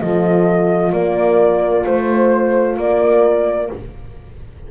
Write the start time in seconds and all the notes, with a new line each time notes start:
0.00 F3 F4 A4 D#5
0.92 A#3 A#4 D5
1.85 A3 C5
2.77 A#3 A#4 D5